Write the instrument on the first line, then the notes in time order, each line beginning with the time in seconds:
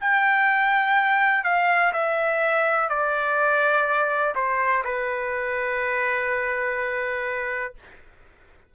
trumpet
0.00 G5
1.44 F5
1.92 E5
2.89 D5
4.35 C5
4.84 B4